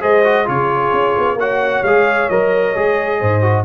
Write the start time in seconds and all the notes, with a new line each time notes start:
0.00 G#3 G#4 C5 D#5
0.24 F#4
0.45 C#3 F4 C#5
0.52 G#4
0.93 C#4
1.18 B3
1.35 A#3 F#4 C#5 F#5
1.83 G#3 G#4 F5
2.29 F#3 A#4 D#5
2.75 G#3 G#4
3.19 G#2 C5
3.41 F#4